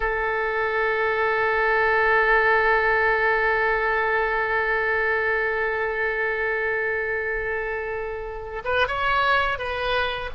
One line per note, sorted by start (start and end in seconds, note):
0.00 8.62 A4
8.64 8.87 B4
8.87 9.58 C#5
9.58 10.30 B4